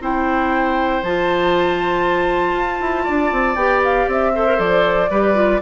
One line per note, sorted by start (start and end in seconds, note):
0.00 1.02 C4
0.00 1.02 E4
0.00 3.04 C5
0.00 1.03 G5
1.02 2.53 F3
1.02 3.57 F4
1.02 3.56 A5
2.53 2.78 F4
2.81 3.06 E4
3.04 3.32 D4
3.04 4.31 D5
3.32 3.55 C4
3.55 4.06 B3
3.55 4.33 G4
3.55 3.81 G5
3.84 4.09 F5
4.07 4.58 C4
4.07 4.60 E5
4.34 4.46 A4
4.34 5.10 C5
4.46 4.56 A#4
4.56 5.09 F3
4.56 5.07 A4
4.56 5.61 D5
5.10 5.60 G3
5.10 5.34 G4
5.10 5.61 B4
5.34 5.60 F4